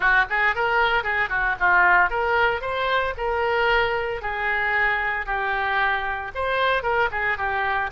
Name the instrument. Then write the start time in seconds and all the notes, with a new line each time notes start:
oboe
0.00 F#4
0.29 G#4
0.55 A#4
1.03 G#4
1.29 F#4
1.59 F4
2.10 A#4
2.61 C5
3.17 A#4
4.21 G#4
5.26 G4
6.34 C5
6.83 A#4
7.11 G#4
7.37 G4